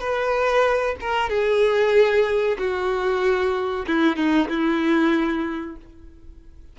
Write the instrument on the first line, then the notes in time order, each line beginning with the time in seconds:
violin
0.00 B4
1.00 A#4
1.29 G#4
2.58 F#4
3.87 E4
4.16 D#4
4.48 E4